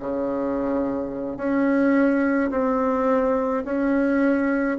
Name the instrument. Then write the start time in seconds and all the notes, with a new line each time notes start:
bassoon
0.00 C#3
1.37 C#4
2.51 C4
3.65 C#4